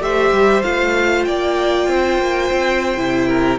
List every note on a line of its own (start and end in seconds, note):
0.00 0.31 A3
0.00 0.63 G4
0.00 1.27 C5
0.00 0.62 E5
0.32 0.63 G3
0.62 1.27 A3
0.62 2.97 F4
0.62 1.25 F5
1.25 1.88 A#3
1.25 1.89 D5
1.25 3.59 G5
1.88 2.18 C4
1.88 3.28 C5
2.18 2.50 A#3
2.52 2.98 C4
2.97 3.59 C3
2.97 3.59 E4
3.28 3.59 A#4